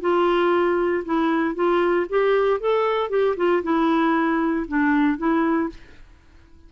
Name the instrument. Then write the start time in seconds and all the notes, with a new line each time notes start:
clarinet
0.00 F4
1.05 E4
1.55 F4
2.09 G4
2.60 A4
3.09 G4
3.36 F4
3.62 E4
4.67 D4
5.17 E4